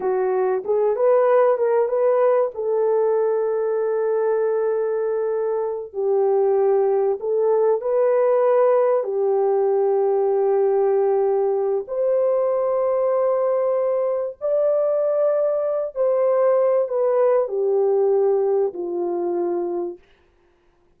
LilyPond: \new Staff \with { instrumentName = "horn" } { \time 4/4 \tempo 4 = 96 fis'4 gis'8 b'4 ais'8 b'4 | a'1~ | a'4. g'2 a'8~ | a'8 b'2 g'4.~ |
g'2. c''4~ | c''2. d''4~ | d''4. c''4. b'4 | g'2 f'2 | }